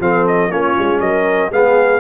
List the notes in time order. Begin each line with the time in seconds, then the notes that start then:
0.00 F3 C4 A4 F5
0.27 D#5
0.49 A#3 C#4 F4 C#5
0.79 G#3
1.01 F#3 A#4 D#5
1.51 G#3 B3 G#4 F5